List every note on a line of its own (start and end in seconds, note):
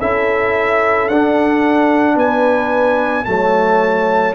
0.00 1.09 C#4
0.00 1.11 E4
0.00 2.15 A4
0.00 1.09 E5
1.09 2.16 D4
1.09 3.26 D4
1.09 2.18 F#5
2.15 3.25 B3
2.15 3.25 B4
2.15 3.25 G#5
3.25 4.35 F#3
3.25 4.35 A3
3.25 4.35 C#5
3.25 4.34 A5